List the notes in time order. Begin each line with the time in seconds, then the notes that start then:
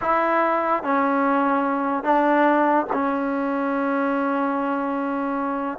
0.01 E4
0.83 C#4
2.03 D4
2.93 C#4